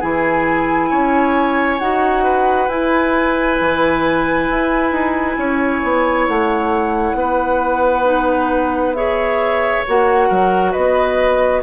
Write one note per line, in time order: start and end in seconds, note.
0.00 0.91 E3
0.00 1.80 E4
0.00 0.90 G#4
0.00 1.79 G#5
0.90 1.80 C#4
0.90 2.24 C#5
1.79 2.68 D#4
1.79 2.70 F#4
1.79 2.68 F#5
2.24 5.37 B4
2.68 3.58 E4
2.68 8.04 E4
2.68 6.27 G#5
3.61 4.49 E3
4.49 4.91 E4
4.91 5.36 D#4
5.37 5.82 C#4
5.37 7.17 C#5
5.83 6.28 B3
6.27 7.14 A3
6.27 8.94 F#5
7.14 9.83 B3
7.14 8.96 B4
8.04 8.94 D#4
8.94 9.85 G#4
8.94 10.28 C#5
8.94 9.84 E5
9.87 10.30 A#3
9.87 11.63 F#4
9.87 10.72 F#5
10.28 10.75 F#3
10.28 10.71 A#4
10.71 11.63 B3
10.71 11.61 B4
10.71 11.62 D#5